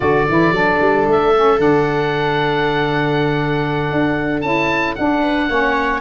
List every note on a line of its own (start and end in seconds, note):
0.00 0.27 D3
0.00 0.27 F#4
0.00 5.20 A4
0.00 1.07 D5
0.28 0.51 E3
0.28 0.53 E4
0.51 0.78 F#3
0.51 1.34 D4
0.80 1.06 G3
1.06 1.58 A3
1.06 1.60 E5
1.35 1.57 C#4
1.57 3.86 D3
1.57 4.39 D4
1.57 4.41 F#5
3.91 4.42 D4
4.41 4.96 C#4
4.41 4.96 E4
4.41 4.94 A5
4.95 5.49 D4
4.95 6.00 F#5
5.20 5.47 B4
5.49 6.00 A#3
5.49 6.00 C#4
5.49 6.00 C#5